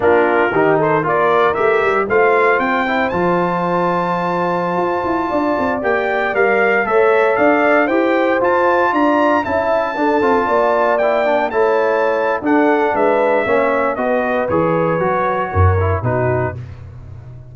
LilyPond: <<
  \new Staff \with { instrumentName = "trumpet" } { \time 4/4 \tempo 4 = 116 ais'4. c''8 d''4 e''4 | f''4 g''4 a''2~ | a''2.~ a''16 g''8.~ | g''16 f''4 e''4 f''4 g''8.~ |
g''16 a''4 ais''4 a''4.~ a''16~ | a''4~ a''16 g''4 a''4.~ a''16 | fis''4 e''2 dis''4 | cis''2. b'4 | }
  \new Staff \with { instrumentName = "horn" } { \time 4/4 f'4 g'8 a'8 ais'2 | c''1~ | c''2~ c''16 d''4.~ d''16~ | d''4~ d''16 cis''4 d''4 c''8.~ |
c''4~ c''16 d''4 e''4 a'8.~ | a'16 d''2 cis''4.~ cis''16 | a'4 b'4 cis''4 b'4~ | b'2 ais'4 fis'4 | }
  \new Staff \with { instrumentName = "trombone" } { \time 4/4 d'4 dis'4 f'4 g'4 | f'4. e'8 f'2~ | f'2.~ f'16 g'8.~ | g'16 ais'4 a'2 g'8.~ |
g'16 f'2 e'4 d'8 f'16~ | f'4~ f'16 e'8 d'8 e'4.~ e'16 | d'2 cis'4 fis'4 | gis'4 fis'4. e'8 dis'4 | }
  \new Staff \with { instrumentName = "tuba" } { \time 4/4 ais4 dis4 ais4 a8 g8 | a4 c'4 f2~ | f4~ f16 f'8 e'8 d'8 c'8 ais8.~ | ais16 g4 a4 d'4 e'8.~ |
e'16 f'4 d'4 cis'4 d'8 c'16~ | c'16 ais2 a4.~ a16 | d'4 gis4 ais4 b4 | e4 fis4 fis,4 b,4 | }
>>